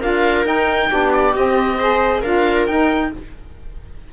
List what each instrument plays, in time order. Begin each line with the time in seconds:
0.00 cello D4, saxophone F4, viola A#4, oboe F5
0.44 saxophone D#4, cello D#4, oboe G5
0.89 cello B3, saxophone D4, viola G4
1.13 oboe D5
1.35 saxophone C4, cello C4, oboe D#5
1.78 saxophone G#4, viola C5
2.20 cello D4, saxophone F4, viola A#4, oboe F5
2.66 cello D#4, saxophone D#4, oboe G5